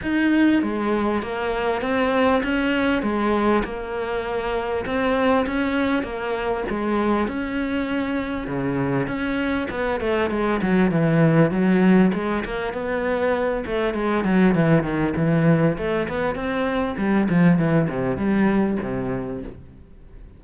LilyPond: \new Staff \with { instrumentName = "cello" } { \time 4/4 \tempo 4 = 99 dis'4 gis4 ais4 c'4 | cis'4 gis4 ais2 | c'4 cis'4 ais4 gis4 | cis'2 cis4 cis'4 |
b8 a8 gis8 fis8 e4 fis4 | gis8 ais8 b4. a8 gis8 fis8 | e8 dis8 e4 a8 b8 c'4 | g8 f8 e8 c8 g4 c4 | }